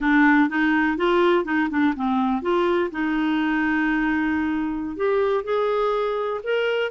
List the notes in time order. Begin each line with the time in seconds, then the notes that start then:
0.00 D4
0.49 D#4
0.97 F4
1.45 D#4
1.70 D4
1.96 C4
2.41 F4
2.91 D#4
4.96 G4
5.43 G#4
6.43 A#4